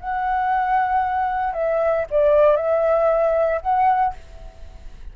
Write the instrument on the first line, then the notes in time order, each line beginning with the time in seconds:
flute
0.00 F#5
1.54 E5
2.11 D5
2.57 E5
3.62 F#5